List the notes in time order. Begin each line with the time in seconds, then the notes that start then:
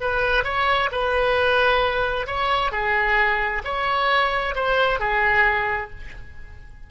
0.00 B4
0.44 C#5
0.91 B4
2.27 C#5
2.71 G#4
3.64 C#5
4.55 C5
4.99 G#4